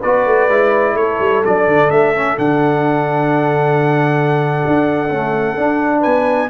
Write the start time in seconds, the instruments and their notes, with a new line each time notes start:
0.00 tuba B3, trombone F#4, horn B4, trumpet D5
0.25 tuba A3
0.48 tuba G#3, trombone E4
0.94 tuba A3, horn A4, trumpet C#5
1.19 tuba G3
1.44 tuba F#3, trombone D4, trumpet D5
1.66 tuba D3
1.89 tuba A3, trumpet E5
2.16 trombone C#4
2.37 tuba D3, trombone D4, trumpet F#5
4.67 tuba D4
5.09 trombone A3, tuba C#4
5.57 trombone D4, tuba D4
6.00 tuba B3, horn B4, trumpet G#5